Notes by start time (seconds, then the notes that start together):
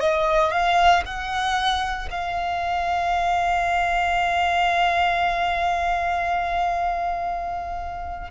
0.00 D#5
0.51 F5
1.05 F#5
2.10 F5